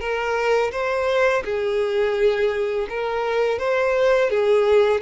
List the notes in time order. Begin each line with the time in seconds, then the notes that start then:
0.00 A#4
0.72 C5
1.44 G#4
2.89 A#4
3.59 C5
4.30 G#4